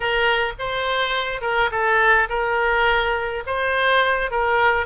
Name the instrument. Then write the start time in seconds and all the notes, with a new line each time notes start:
oboe
0.00 A#4
0.58 C5
1.41 A#4
1.71 A4
2.29 A#4
3.46 C5
4.30 A#4